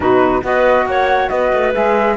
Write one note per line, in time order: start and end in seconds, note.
0.00 0.41 B2
0.00 0.42 D#4
0.00 0.43 F#4
0.00 0.43 B4
0.42 0.85 B3
0.42 1.72 F#4
0.42 0.87 B4
0.42 0.86 D#5
0.85 1.29 A#3
0.85 1.32 C#5
0.85 1.29 F#5
1.29 1.52 B3
1.29 2.16 B4
1.29 1.72 D#5
1.53 1.75 A3
1.73 2.16 G#3
1.73 2.16 G#4
1.73 2.16 E5